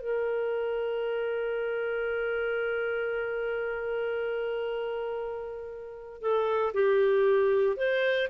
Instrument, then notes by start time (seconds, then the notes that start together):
clarinet
0.00 A#4
6.21 A4
6.73 G4
7.76 C5